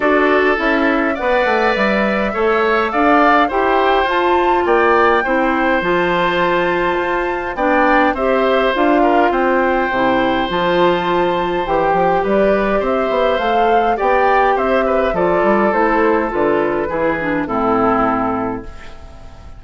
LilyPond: <<
  \new Staff \with { instrumentName = "flute" } { \time 4/4 \tempo 4 = 103 d''4 e''4 fis''4 e''4~ | e''4 f''4 g''4 a''4 | g''2 a''2~ | a''4 g''4 e''4 f''4 |
g''2 a''2 | g''4 d''4 e''4 f''4 | g''4 e''4 d''4 c''4 | b'2 a'2 | }
  \new Staff \with { instrumentName = "oboe" } { \time 4/4 a'2 d''2 | cis''4 d''4 c''2 | d''4 c''2.~ | c''4 d''4 c''4. ais'8 |
c''1~ | c''4 b'4 c''2 | d''4 c''8 b'8 a'2~ | a'4 gis'4 e'2 | }
  \new Staff \with { instrumentName = "clarinet" } { \time 4/4 fis'4 e'4 b'2 | a'2 g'4 f'4~ | f'4 e'4 f'2~ | f'4 d'4 g'4 f'4~ |
f'4 e'4 f'2 | g'2. a'4 | g'2 f'4 e'4 | f'4 e'8 d'8 c'2 | }
  \new Staff \with { instrumentName = "bassoon" } { \time 4/4 d'4 cis'4 b8 a8 g4 | a4 d'4 e'4 f'4 | ais4 c'4 f2 | f'4 b4 c'4 d'4 |
c'4 c4 f2 | e8 f8 g4 c'8 b8 a4 | b4 c'4 f8 g8 a4 | d4 e4 a,2 | }
>>